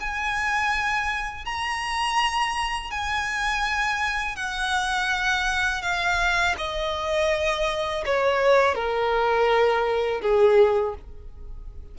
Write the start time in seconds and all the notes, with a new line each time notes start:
0.00 G#5
1.45 A#5
2.91 G#5
4.36 F#5
5.82 F5
6.58 D#5
8.06 C#5
8.75 A#4
10.21 G#4